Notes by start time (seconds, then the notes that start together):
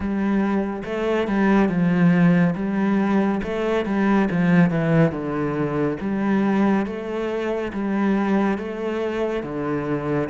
0.00 G3
0.84 A3
1.27 G3
1.68 F3
2.55 G3
3.43 A3
3.85 G3
4.31 F3
4.70 E3
5.11 D3
6.00 G3
6.86 A3
7.73 G3
8.58 A3
9.43 D3